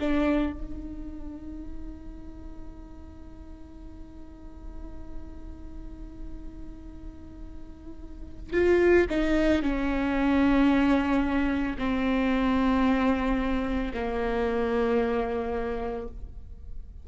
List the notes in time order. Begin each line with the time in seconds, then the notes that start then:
0.00 D4
0.53 D#4
8.53 F4
9.10 D#4
9.62 C#4
11.78 C4
13.94 A#3